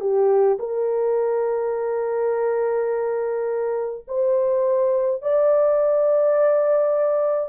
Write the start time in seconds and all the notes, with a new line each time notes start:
0.00 G4
0.59 A#4
4.08 C5
5.22 D5